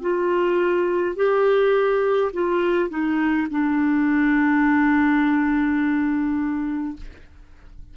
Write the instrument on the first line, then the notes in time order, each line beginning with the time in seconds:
clarinet
0.00 F4
1.15 G4
2.32 F4
2.89 D#4
3.50 D4